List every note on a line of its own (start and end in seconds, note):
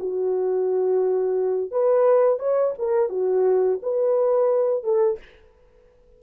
0.00 1.72 F#4
1.72 2.40 B4
2.40 2.75 C#5
2.79 3.10 A#4
3.10 3.80 F#4
3.83 4.84 B4
4.84 5.19 A4